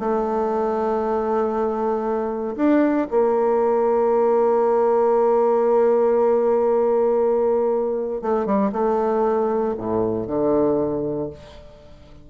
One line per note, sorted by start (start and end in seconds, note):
0.00 2.56 A3
2.57 3.08 D4
3.11 8.22 A#3
8.22 8.46 A3
8.46 8.72 G3
8.72 9.75 A3
9.78 10.28 A2
10.28 11.30 D3